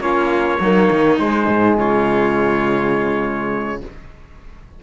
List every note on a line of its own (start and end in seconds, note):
0.00 0.58 A#3
0.00 0.59 C#4
0.00 0.61 F4
0.00 1.18 C#5
0.60 0.90 F#3
0.60 1.20 A#3
0.60 1.77 D#4
0.91 1.19 D#3
1.19 1.48 G#3
1.19 3.82 G#3
1.19 1.77 C5
1.48 1.77 G#2
1.77 3.82 C#3
1.77 3.81 F4
1.77 3.83 C#5